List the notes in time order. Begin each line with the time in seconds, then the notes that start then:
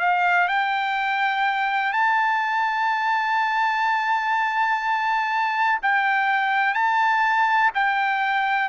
0.00 F5
0.48 G5
1.93 A5
5.83 G5
6.74 A5
7.75 G5